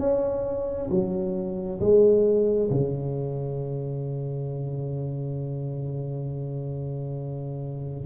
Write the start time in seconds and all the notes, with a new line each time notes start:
0.00 C#4
0.91 F#3
1.81 G#3
2.71 C#3